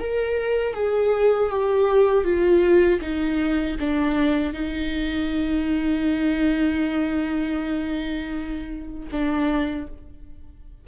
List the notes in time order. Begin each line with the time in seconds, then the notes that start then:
0.00 A#4
0.75 G#4
1.51 G4
2.25 F4
3.01 D#4
3.80 D4
4.54 D#4
9.12 D4